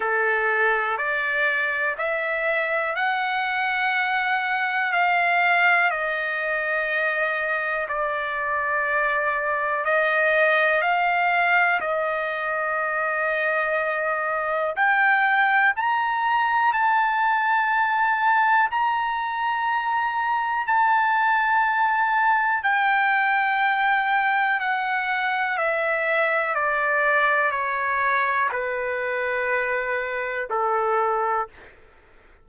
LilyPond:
\new Staff \with { instrumentName = "trumpet" } { \time 4/4 \tempo 4 = 61 a'4 d''4 e''4 fis''4~ | fis''4 f''4 dis''2 | d''2 dis''4 f''4 | dis''2. g''4 |
ais''4 a''2 ais''4~ | ais''4 a''2 g''4~ | g''4 fis''4 e''4 d''4 | cis''4 b'2 a'4 | }